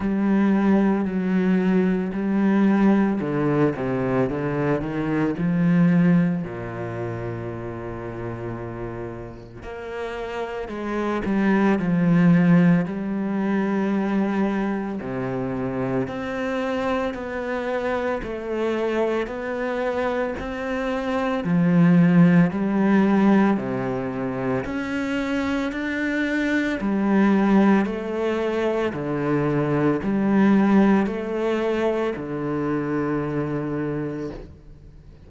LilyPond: \new Staff \with { instrumentName = "cello" } { \time 4/4 \tempo 4 = 56 g4 fis4 g4 d8 c8 | d8 dis8 f4 ais,2~ | ais,4 ais4 gis8 g8 f4 | g2 c4 c'4 |
b4 a4 b4 c'4 | f4 g4 c4 cis'4 | d'4 g4 a4 d4 | g4 a4 d2 | }